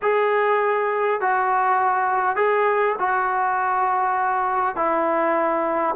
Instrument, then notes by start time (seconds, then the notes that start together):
trombone
0.01 G#4
1.20 F#4
2.36 G#4
2.98 F#4
4.76 E4